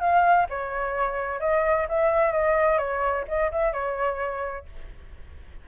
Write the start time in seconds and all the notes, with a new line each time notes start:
0.00 F5
0.50 C#5
1.40 D#5
1.89 E5
2.32 D#5
2.78 C#5
3.28 D#5
3.52 E5
3.73 C#5